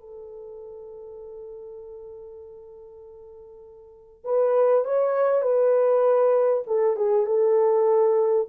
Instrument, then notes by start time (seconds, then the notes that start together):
horn
0.00 A4
4.24 B4
4.85 C#5
5.42 B4
6.67 A4
6.96 G#4
7.26 A4